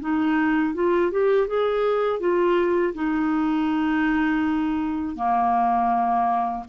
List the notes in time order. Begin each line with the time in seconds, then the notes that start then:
0.00 D#4
0.74 F4
1.11 G4
1.47 G#4
2.20 F4
2.94 D#4
5.15 A#3